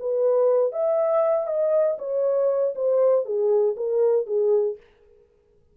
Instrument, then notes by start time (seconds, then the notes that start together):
horn
0.00 B4
0.73 E5
1.47 D#5
1.99 C#5
2.75 C5
3.25 G#4
3.77 A#4
4.27 G#4